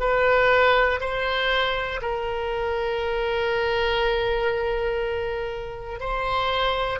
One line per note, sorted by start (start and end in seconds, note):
0.00 1.00 B4
1.00 2.00 C5
2.01 6.00 A#4
6.00 7.00 C5